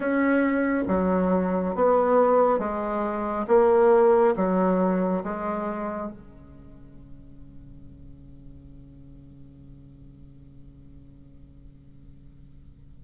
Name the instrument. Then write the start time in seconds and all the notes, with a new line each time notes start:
bassoon
0.00 C#4
0.88 F#3
1.75 B3
2.58 G#3
3.47 A#3
4.36 F#3
5.23 G#3
6.10 C#3